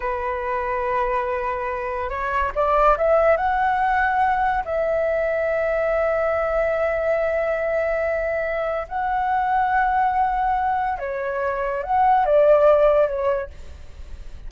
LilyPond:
\new Staff \with { instrumentName = "flute" } { \time 4/4 \tempo 4 = 142 b'1~ | b'4 cis''4 d''4 e''4 | fis''2. e''4~ | e''1~ |
e''1~ | e''4 fis''2.~ | fis''2 cis''2 | fis''4 d''2 cis''4 | }